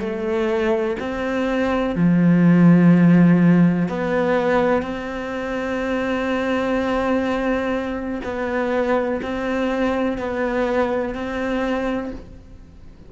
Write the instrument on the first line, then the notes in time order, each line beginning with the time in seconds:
cello
0.00 A3
1.00 C4
1.96 F3
3.89 B3
4.83 C4
8.24 B3
9.22 C4
10.18 B3
11.15 C4